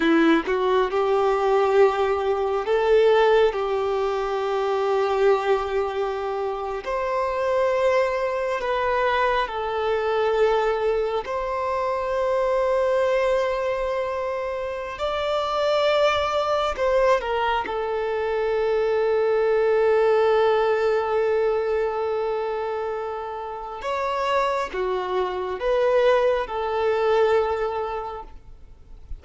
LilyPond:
\new Staff \with { instrumentName = "violin" } { \time 4/4 \tempo 4 = 68 e'8 fis'8 g'2 a'4 | g'2.~ g'8. c''16~ | c''4.~ c''16 b'4 a'4~ a'16~ | a'8. c''2.~ c''16~ |
c''4 d''2 c''8 ais'8 | a'1~ | a'2. cis''4 | fis'4 b'4 a'2 | }